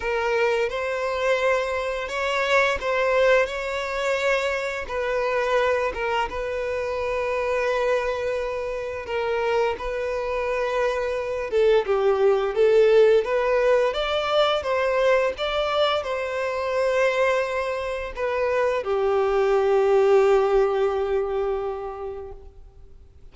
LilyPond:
\new Staff \with { instrumentName = "violin" } { \time 4/4 \tempo 4 = 86 ais'4 c''2 cis''4 | c''4 cis''2 b'4~ | b'8 ais'8 b'2.~ | b'4 ais'4 b'2~ |
b'8 a'8 g'4 a'4 b'4 | d''4 c''4 d''4 c''4~ | c''2 b'4 g'4~ | g'1 | }